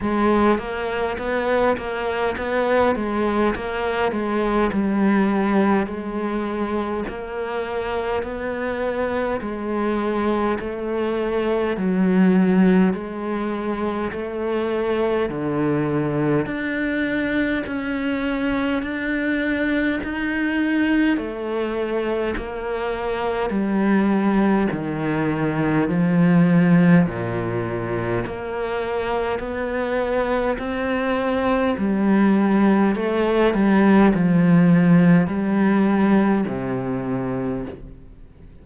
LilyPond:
\new Staff \with { instrumentName = "cello" } { \time 4/4 \tempo 4 = 51 gis8 ais8 b8 ais8 b8 gis8 ais8 gis8 | g4 gis4 ais4 b4 | gis4 a4 fis4 gis4 | a4 d4 d'4 cis'4 |
d'4 dis'4 a4 ais4 | g4 dis4 f4 ais,4 | ais4 b4 c'4 g4 | a8 g8 f4 g4 c4 | }